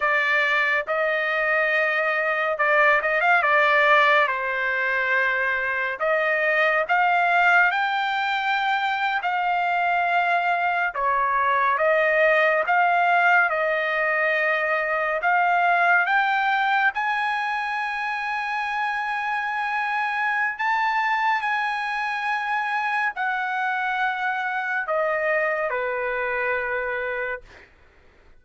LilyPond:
\new Staff \with { instrumentName = "trumpet" } { \time 4/4 \tempo 4 = 70 d''4 dis''2 d''8 dis''16 f''16 | d''4 c''2 dis''4 | f''4 g''4.~ g''16 f''4~ f''16~ | f''8. cis''4 dis''4 f''4 dis''16~ |
dis''4.~ dis''16 f''4 g''4 gis''16~ | gis''1 | a''4 gis''2 fis''4~ | fis''4 dis''4 b'2 | }